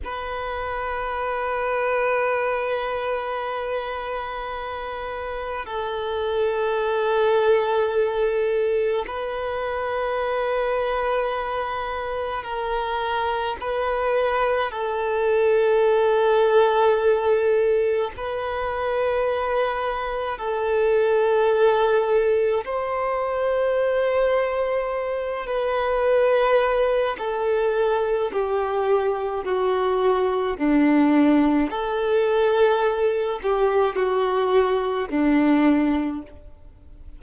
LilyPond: \new Staff \with { instrumentName = "violin" } { \time 4/4 \tempo 4 = 53 b'1~ | b'4 a'2. | b'2. ais'4 | b'4 a'2. |
b'2 a'2 | c''2~ c''8 b'4. | a'4 g'4 fis'4 d'4 | a'4. g'8 fis'4 d'4 | }